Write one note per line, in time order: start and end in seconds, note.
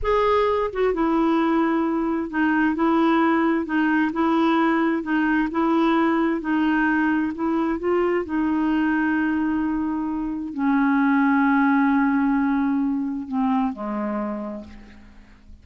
0.02 0.71 G#4
0.72 0.93 F#4
0.93 2.30 E4
2.30 2.75 D#4
2.75 3.65 E4
3.65 4.11 D#4
4.12 5.02 E4
5.02 5.48 D#4
5.51 6.40 E4
6.40 7.32 D#4
7.34 7.79 E4
7.79 8.25 F4
8.25 10.53 D#4
10.53 13.27 C#4
13.27 13.72 C4
13.72 14.64 G#3